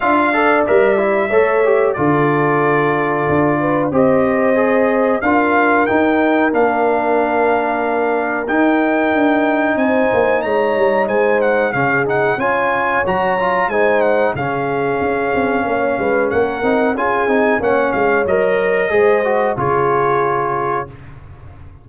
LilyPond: <<
  \new Staff \with { instrumentName = "trumpet" } { \time 4/4 \tempo 4 = 92 f''4 e''2 d''4~ | d''2 dis''2 | f''4 g''4 f''2~ | f''4 g''2 gis''4 |
ais''4 gis''8 fis''8 f''8 fis''8 gis''4 | ais''4 gis''8 fis''8 f''2~ | f''4 fis''4 gis''4 fis''8 f''8 | dis''2 cis''2 | }
  \new Staff \with { instrumentName = "horn" } { \time 4/4 e''8 d''4. cis''4 a'4~ | a'4. b'8 c''2 | ais'1~ | ais'2. c''4 |
cis''4 c''4 gis'4 cis''4~ | cis''4 c''4 gis'2 | cis''8 b'8 ais'4 gis'4 cis''4~ | cis''4 c''4 gis'2 | }
  \new Staff \with { instrumentName = "trombone" } { \time 4/4 f'8 a'8 ais'8 e'8 a'8 g'8 f'4~ | f'2 g'4 gis'4 | f'4 dis'4 d'2~ | d'4 dis'2.~ |
dis'2 cis'8 dis'8 f'4 | fis'8 f'8 dis'4 cis'2~ | cis'4. dis'8 f'8 dis'8 cis'4 | ais'4 gis'8 fis'8 f'2 | }
  \new Staff \with { instrumentName = "tuba" } { \time 4/4 d'4 g4 a4 d4~ | d4 d'4 c'2 | d'4 dis'4 ais2~ | ais4 dis'4 d'4 c'8 ais8 |
gis8 g8 gis4 cis4 cis'4 | fis4 gis4 cis4 cis'8 c'8 | ais8 gis8 ais8 c'8 cis'8 c'8 ais8 gis8 | fis4 gis4 cis2 | }
>>